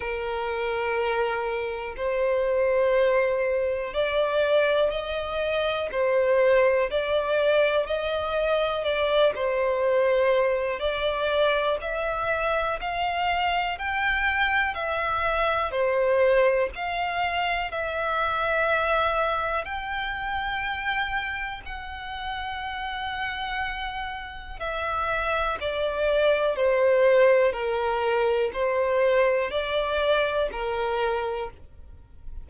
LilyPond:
\new Staff \with { instrumentName = "violin" } { \time 4/4 \tempo 4 = 61 ais'2 c''2 | d''4 dis''4 c''4 d''4 | dis''4 d''8 c''4. d''4 | e''4 f''4 g''4 e''4 |
c''4 f''4 e''2 | g''2 fis''2~ | fis''4 e''4 d''4 c''4 | ais'4 c''4 d''4 ais'4 | }